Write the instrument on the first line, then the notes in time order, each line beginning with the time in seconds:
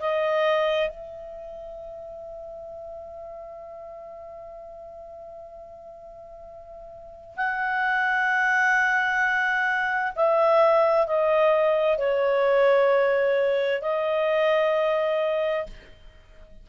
clarinet
0.00 D#5
0.89 E5
7.36 F#5
10.15 E5
11.06 D#5
11.98 C#5
13.81 D#5